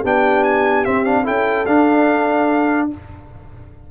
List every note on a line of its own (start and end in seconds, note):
0.00 0.87 B3
0.00 0.86 D4
0.00 1.23 G4
0.00 0.44 G5
0.44 0.85 G#5
0.85 1.06 C4
0.85 1.28 C4
0.85 1.05 E5
1.05 1.24 D4
1.05 1.26 F5
1.23 1.68 C#4
1.23 1.65 E4
1.23 2.88 A4
1.23 1.66 G5
1.66 2.91 D4
1.66 2.89 F5